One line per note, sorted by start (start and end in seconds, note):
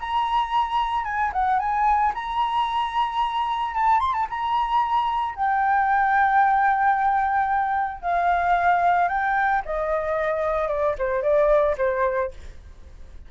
0.00 1.04 A#5
1.04 1.31 G#5
1.33 1.59 F#5
1.59 2.13 G#5
2.14 3.75 A#5
3.75 4.00 A5
4.00 4.13 C6
4.13 4.27 A5
4.30 5.35 A#5
5.35 8.02 G5
8.02 9.09 F5
9.09 9.62 G5
9.65 10.68 D#5
10.68 10.95 D5
10.98 11.22 C5
11.22 11.76 D5
11.78 12.31 C5